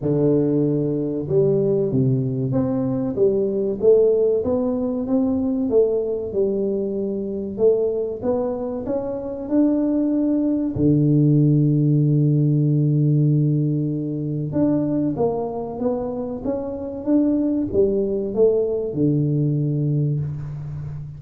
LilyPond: \new Staff \with { instrumentName = "tuba" } { \time 4/4 \tempo 4 = 95 d2 g4 c4 | c'4 g4 a4 b4 | c'4 a4 g2 | a4 b4 cis'4 d'4~ |
d'4 d2.~ | d2. d'4 | ais4 b4 cis'4 d'4 | g4 a4 d2 | }